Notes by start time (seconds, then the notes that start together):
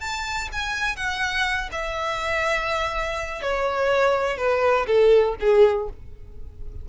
0.00 A5
0.52 G#5
0.96 F#5
1.72 E5
3.42 C#5
4.37 B4
4.87 A4
5.40 G#4